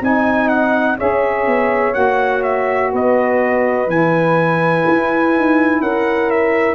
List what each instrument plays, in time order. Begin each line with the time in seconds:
0.00 tuba C4, saxophone D#4, horn D#5, trumpet G#5
0.48 trumpet F#5
0.97 tuba C#4, saxophone G#4, horn C#5, trumpet E5
1.46 tuba B3
1.93 tuba A#3, saxophone F#4, trumpet F#5
2.43 trumpet E5
2.92 tuba B3, horn B4, trumpet D#5
3.87 tuba E3, saxophone E4, trumpet G#5
4.87 tuba E4
5.36 tuba D#4
5.80 tuba C#4, horn A#4, trumpet F#5
6.30 trumpet E5